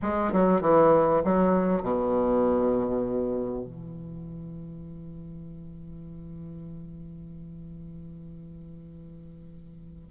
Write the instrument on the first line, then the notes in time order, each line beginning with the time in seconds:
bassoon
0.02 G#3
0.32 F#3
0.61 E3
1.24 F#3
1.82 B2
3.65 E3